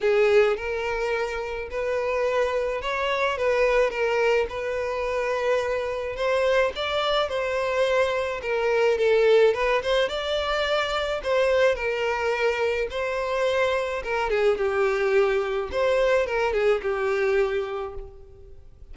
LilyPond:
\new Staff \with { instrumentName = "violin" } { \time 4/4 \tempo 4 = 107 gis'4 ais'2 b'4~ | b'4 cis''4 b'4 ais'4 | b'2. c''4 | d''4 c''2 ais'4 |
a'4 b'8 c''8 d''2 | c''4 ais'2 c''4~ | c''4 ais'8 gis'8 g'2 | c''4 ais'8 gis'8 g'2 | }